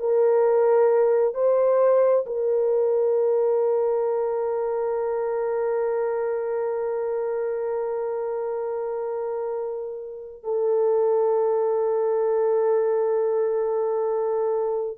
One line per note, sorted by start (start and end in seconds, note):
0.00 1.34 A#4
1.34 2.25 C5
2.26 10.43 A#4
10.43 14.98 A4